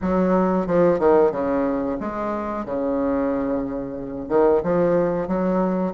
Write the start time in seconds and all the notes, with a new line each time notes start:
0.01 F#3
0.67 F3
0.99 D#3
1.31 C#3
1.99 G#3
2.65 C#3
4.29 D#3
4.63 F3
5.27 F#3